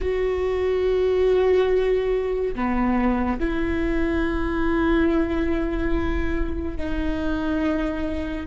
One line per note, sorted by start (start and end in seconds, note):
0.00 2.54 F#4
2.54 3.39 B3
3.39 6.77 E4
6.77 8.46 D#4